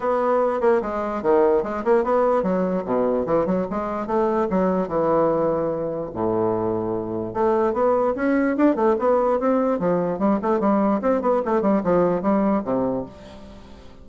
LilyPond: \new Staff \with { instrumentName = "bassoon" } { \time 4/4 \tempo 4 = 147 b4. ais8 gis4 dis4 | gis8 ais8 b4 fis4 b,4 | e8 fis8 gis4 a4 fis4 | e2. a,4~ |
a,2 a4 b4 | cis'4 d'8 a8 b4 c'4 | f4 g8 a8 g4 c'8 b8 | a8 g8 f4 g4 c4 | }